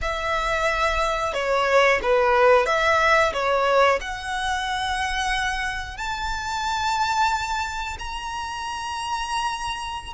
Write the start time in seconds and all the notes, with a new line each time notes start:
0.01 E5
1.33 C#5
2.02 B4
2.66 E5
3.33 C#5
4.01 F#5
5.97 A5
7.98 A#5